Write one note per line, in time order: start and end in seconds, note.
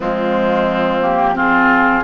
0.00 2.04 F3
0.00 1.01 G#3
0.00 1.34 C4
0.00 1.02 F4
1.01 1.35 A#3
1.01 1.36 G4
1.35 2.03 C4
1.35 2.04 F4
1.35 2.04 G#4